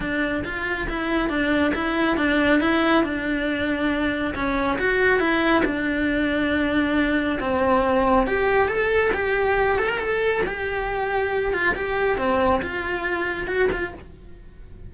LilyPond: \new Staff \with { instrumentName = "cello" } { \time 4/4 \tempo 4 = 138 d'4 f'4 e'4 d'4 | e'4 d'4 e'4 d'4~ | d'2 cis'4 fis'4 | e'4 d'2.~ |
d'4 c'2 g'4 | a'4 g'4. a'16 ais'16 a'4 | g'2~ g'8 f'8 g'4 | c'4 f'2 fis'8 f'8 | }